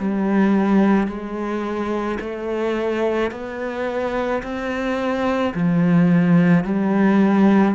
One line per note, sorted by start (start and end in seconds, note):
0.00 1.08 G3
1.08 2.19 G#3
2.20 3.31 A3
3.32 4.43 B3
4.43 5.54 C4
5.55 6.65 F3
6.65 7.75 G3